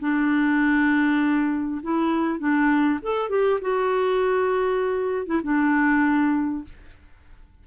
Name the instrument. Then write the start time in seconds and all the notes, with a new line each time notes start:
clarinet
0.00 D4
1.83 E4
2.39 D4
3.02 A4
3.30 G4
3.61 F#4
5.26 E4
5.43 D4